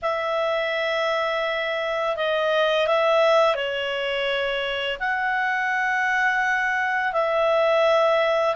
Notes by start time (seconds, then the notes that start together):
0.02 E5
2.16 D#5
2.87 E5
3.55 C#5
4.99 F#5
7.12 E5